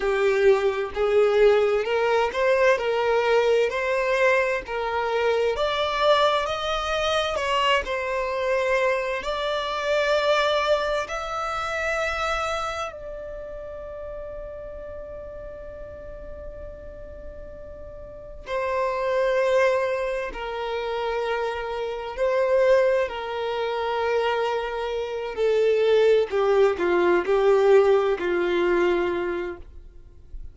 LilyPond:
\new Staff \with { instrumentName = "violin" } { \time 4/4 \tempo 4 = 65 g'4 gis'4 ais'8 c''8 ais'4 | c''4 ais'4 d''4 dis''4 | cis''8 c''4. d''2 | e''2 d''2~ |
d''1 | c''2 ais'2 | c''4 ais'2~ ais'8 a'8~ | a'8 g'8 f'8 g'4 f'4. | }